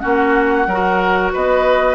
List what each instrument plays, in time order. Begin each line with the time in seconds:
0.00 bassoon A#3, clarinet C#4, oboe F#4, flute F#5
0.67 bassoon F#3, clarinet F#4, oboe A#4
1.33 bassoon B3, oboe B4, flute D#5